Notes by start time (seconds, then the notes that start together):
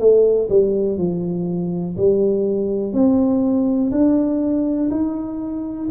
0.00 A3
0.50 G3
0.98 F3
1.97 G3
2.93 C4
3.92 D4
4.91 D#4